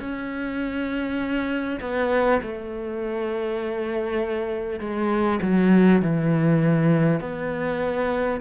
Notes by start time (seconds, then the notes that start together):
0.00 C#4
1.81 B3
2.43 A3
4.80 G#3
5.42 F#3
6.02 E3
7.21 B3